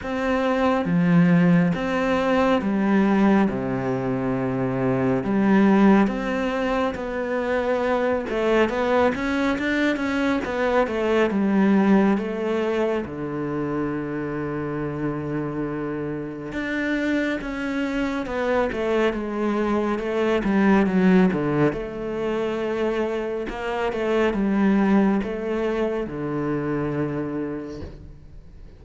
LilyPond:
\new Staff \with { instrumentName = "cello" } { \time 4/4 \tempo 4 = 69 c'4 f4 c'4 g4 | c2 g4 c'4 | b4. a8 b8 cis'8 d'8 cis'8 | b8 a8 g4 a4 d4~ |
d2. d'4 | cis'4 b8 a8 gis4 a8 g8 | fis8 d8 a2 ais8 a8 | g4 a4 d2 | }